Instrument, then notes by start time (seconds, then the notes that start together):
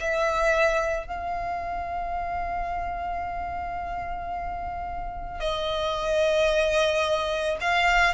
violin
0.00 E5
1.07 F5
5.40 D#5
7.61 F5